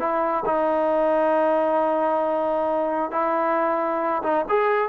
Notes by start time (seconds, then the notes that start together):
0.00 E4
0.46 D#4
3.12 E4
4.23 D#4
4.49 G#4